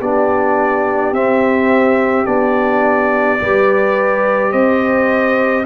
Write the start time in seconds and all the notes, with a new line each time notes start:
0.00 B3 D4 G4 D5
1.12 C4 E5
2.25 B3 D4 D5
3.39 G3 G4 B4
4.52 C4 C5 D#5